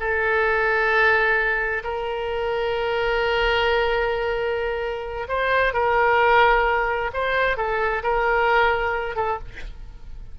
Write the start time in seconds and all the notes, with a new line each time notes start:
0.00 A4
1.84 A#4
5.28 C5
5.74 A#4
7.13 C5
7.57 A4
8.03 A#4
9.16 A4